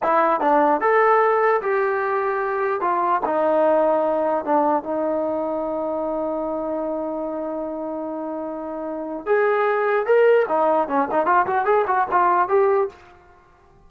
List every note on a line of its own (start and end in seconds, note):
0.02 0.40 E4
0.40 0.80 D4
0.80 1.61 A4
1.61 2.81 G4
2.81 3.21 F4
3.25 4.44 D#4
4.44 4.83 D4
4.83 9.25 D#4
9.25 10.05 G#4
10.05 10.46 A#4
10.48 10.87 D#4
10.87 11.08 C#4
11.11 11.25 D#4
11.25 11.46 F4
11.46 11.65 F#4
11.65 11.85 G#4
11.87 12.07 F#4
12.11 12.48 F4
12.48 12.88 G4